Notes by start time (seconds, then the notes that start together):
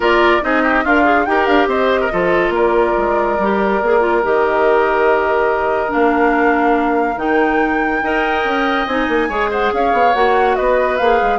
0.00 A#3 F4 A#4 D5
0.41 C4 D#4 G#4 D#5
0.63 G4
0.84 D4 F4 A#4 F5
1.04 G#4
1.25 D#4 G4 A#4 G5
1.46 D4 F5
1.67 C4 C5 D#5
2.01 A#4
2.11 F3 F4 A4
2.49 A#3 A#4
2.56 D5
2.97 G#3
3.38 G3 G4
3.81 A#3 G#4
4.00 F4
4.23 D#3 G4 D#5
5.87 D4 F5
5.94 A#3
7.15 D#3 D#4 G5
8.02 D#4 A#4 D#5
8.44 C#4
8.86 C4 D#4 G#5
9.08 A#3
9.28 G#3 G#4 C#5
9.50 C5 F#5
9.73 C#4 C#5 F5
9.92 B3
10.14 A#3 F#4 F#5
10.55 B3 B4 D#5
10.96 A#3 G#4 F5
11.21 G#3